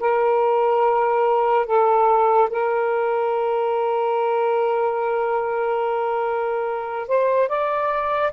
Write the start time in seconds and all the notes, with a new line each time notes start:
0.00 A#4
1.66 A4
2.50 A#4
7.08 C5
7.49 D5